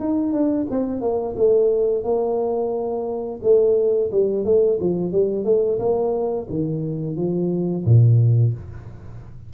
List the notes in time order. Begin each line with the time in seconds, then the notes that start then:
0.00 D#4
0.33 D4
0.71 C4
1.01 A#3
1.36 A3
2.04 A#3
3.43 A3
4.12 G3
4.45 A3
4.81 F3
5.12 G3
5.45 A3
5.79 A#3
6.50 D#3
7.17 F3
7.85 A#2